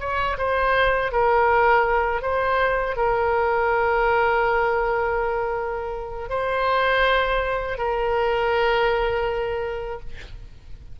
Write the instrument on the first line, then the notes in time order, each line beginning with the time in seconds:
oboe
0.00 C#5
0.38 C5
1.12 A#4
2.22 C5
2.96 A#4
6.30 C5
7.78 A#4